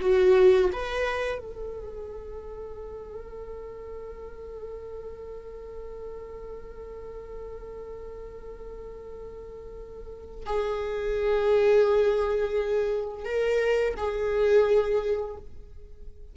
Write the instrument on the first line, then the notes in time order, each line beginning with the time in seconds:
viola
0.00 F#4
0.72 B4
1.38 A4
10.46 G#4
13.25 A#4
13.97 G#4